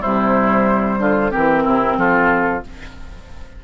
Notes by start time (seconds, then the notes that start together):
0.00 C3 G3 E4 C5
0.98 D3 F4
1.30 E3 C4 G4 A#4
1.64 C3 E4
1.97 F3 F4 A4